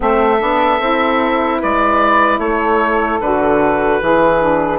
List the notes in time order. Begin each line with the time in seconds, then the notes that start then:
0.00 A3 C4 A4 E5
0.39 B3 D4
0.79 C4 E4
1.58 G#3 B4 D5
2.38 A3 A4 C#5
3.20 D3 F#4 B4
4.01 E3 E4 G#4
4.40 D4